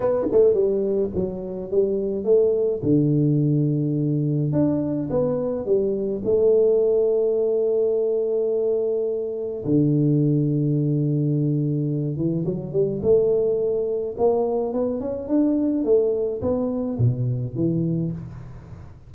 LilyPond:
\new Staff \with { instrumentName = "tuba" } { \time 4/4 \tempo 4 = 106 b8 a8 g4 fis4 g4 | a4 d2. | d'4 b4 g4 a4~ | a1~ |
a4 d2.~ | d4. e8 fis8 g8 a4~ | a4 ais4 b8 cis'8 d'4 | a4 b4 b,4 e4 | }